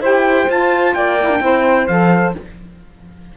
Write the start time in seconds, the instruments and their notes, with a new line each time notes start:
0.00 cello E4, saxophone G4 C5, trumpet G5
0.48 saxophone F4, cello F4, trumpet A5
0.94 cello A#3, saxophone D5, trumpet G5
1.20 saxophone E4
1.30 saxophone D4
1.40 cello C4, saxophone E4 C5
1.87 cello F3, saxophone A4, trumpet F5